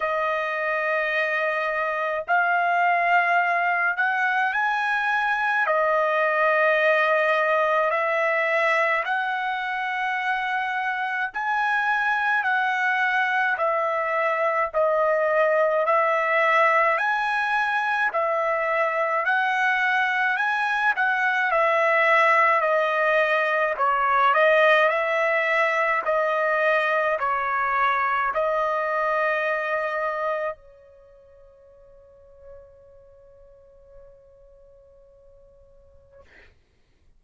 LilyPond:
\new Staff \with { instrumentName = "trumpet" } { \time 4/4 \tempo 4 = 53 dis''2 f''4. fis''8 | gis''4 dis''2 e''4 | fis''2 gis''4 fis''4 | e''4 dis''4 e''4 gis''4 |
e''4 fis''4 gis''8 fis''8 e''4 | dis''4 cis''8 dis''8 e''4 dis''4 | cis''4 dis''2 cis''4~ | cis''1 | }